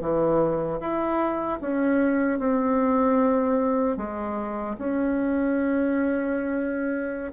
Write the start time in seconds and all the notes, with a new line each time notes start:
0.00 E3
0.80 E4
1.60 C#4
2.39 C4
3.97 G#3
4.78 C#4